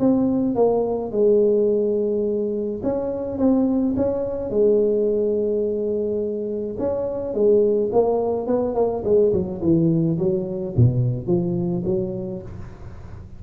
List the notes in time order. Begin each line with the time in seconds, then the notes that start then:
0.00 C4
0.56 A#3
1.12 G#3
2.84 C#4
3.39 C4
3.97 C#4
4.51 G#3
6.80 C#4
7.35 G#3
7.93 A#3
8.47 B3
8.75 A#3
9.05 G#3
9.33 F#3
9.62 E3
10.19 F#3
10.77 B2
11.27 F3
11.86 F#3